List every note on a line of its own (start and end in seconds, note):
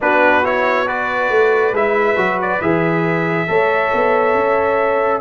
0.01 1.29 B3
0.01 0.44 D4
0.01 0.86 F#4
0.01 0.45 B4
0.44 0.86 E4
0.44 0.87 C#5
0.86 1.73 F#4
0.86 3.47 B4
0.86 1.74 D5
1.29 1.72 A3
1.72 2.16 G#3
1.72 2.16 E4
1.72 2.40 E5
2.16 2.60 F#3
2.16 2.60 F#4
2.41 2.61 D5
2.61 3.48 E3
2.61 3.47 G#4
2.61 5.21 E5
3.47 3.92 A3
3.47 5.21 A4
3.47 5.21 C#5
3.93 4.34 B3
4.34 5.21 C#4